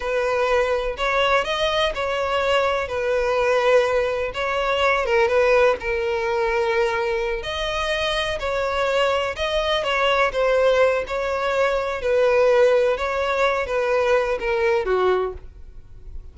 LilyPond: \new Staff \with { instrumentName = "violin" } { \time 4/4 \tempo 4 = 125 b'2 cis''4 dis''4 | cis''2 b'2~ | b'4 cis''4. ais'8 b'4 | ais'2.~ ais'8 dis''8~ |
dis''4. cis''2 dis''8~ | dis''8 cis''4 c''4. cis''4~ | cis''4 b'2 cis''4~ | cis''8 b'4. ais'4 fis'4 | }